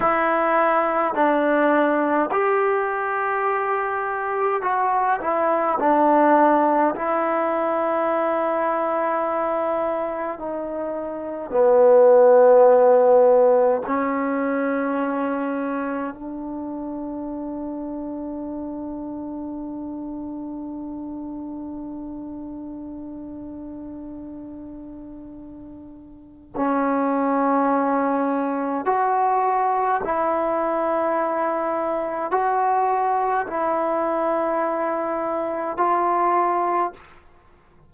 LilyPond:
\new Staff \with { instrumentName = "trombone" } { \time 4/4 \tempo 4 = 52 e'4 d'4 g'2 | fis'8 e'8 d'4 e'2~ | e'4 dis'4 b2 | cis'2 d'2~ |
d'1~ | d'2. cis'4~ | cis'4 fis'4 e'2 | fis'4 e'2 f'4 | }